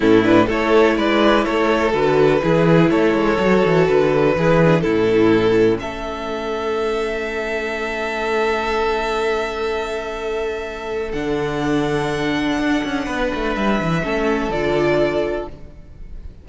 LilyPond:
<<
  \new Staff \with { instrumentName = "violin" } { \time 4/4 \tempo 4 = 124 a'8 b'8 cis''4 d''4 cis''4 | b'2 cis''2 | b'2 a'2 | e''1~ |
e''1~ | e''2. fis''4~ | fis''1 | e''2 d''2 | }
  \new Staff \with { instrumentName = "violin" } { \time 4/4 e'4 a'4 b'4 a'4~ | a'4 gis'4 a'2~ | a'4 gis'4 e'2 | a'1~ |
a'1~ | a'1~ | a'2. b'4~ | b'4 a'2. | }
  \new Staff \with { instrumentName = "viola" } { \time 4/4 cis'8 d'8 e'2. | fis'4 e'2 fis'4~ | fis'4 e'8 d'8 cis'2~ | cis'1~ |
cis'1~ | cis'2. d'4~ | d'1~ | d'4 cis'4 f'2 | }
  \new Staff \with { instrumentName = "cello" } { \time 4/4 a,4 a4 gis4 a4 | d4 e4 a8 gis8 fis8 e8 | d4 e4 a,2 | a1~ |
a1~ | a2. d4~ | d2 d'8 cis'8 b8 a8 | g8 e8 a4 d2 | }
>>